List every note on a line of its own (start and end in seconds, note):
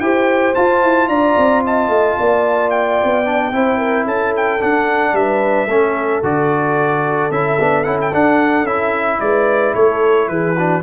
0.00 0.54 E4
0.00 0.55 G4
0.00 1.09 C5
0.00 0.54 G5
0.54 3.25 F4
0.54 0.83 F4
0.54 1.08 A5
0.83 1.08 E4
1.08 1.35 D4
1.08 1.63 D5
1.08 1.62 A#5
1.37 1.88 C4
1.64 2.18 D#5
1.64 2.70 A5
1.88 2.15 A3
2.18 3.00 A#3
2.18 3.53 D5
2.70 4.05 G5
3.03 3.52 B3
3.25 3.52 D4
3.52 4.05 C4
3.52 4.60 E4
3.52 3.78 C5
3.78 4.04 A#4
4.04 4.59 C#4
4.04 5.12 A4
4.04 4.34 A5
4.36 4.62 G5
4.60 5.68 D4
4.60 5.12 D4
4.60 5.15 F#5
5.12 5.66 G3
5.12 5.70 B4
5.12 6.23 E5
5.66 6.20 A3
5.66 6.23 C#4
5.66 9.21 A4
6.23 7.31 D3
6.23 7.31 F#4
6.23 7.31 D5
7.31 7.58 C#4
7.31 7.59 E4
7.31 7.84 E5
7.59 7.86 B3
7.59 7.85 D4
7.84 8.13 C#4
7.84 8.12 E4
7.84 7.97 F#5
8.01 8.14 G5
8.13 8.64 D4
8.13 8.66 D4
8.13 8.66 F#5
8.64 9.18 C#4
8.64 10.55 E4
8.64 9.20 E5
9.20 9.74 G#3
9.20 9.75 B4
9.20 9.74 D5
9.75 10.28 A3
9.75 10.29 A4
9.75 10.28 C#5
10.28 10.82 E3
10.28 10.56 G#4
10.28 10.82 B4
10.56 10.82 D4
10.56 10.82 F#4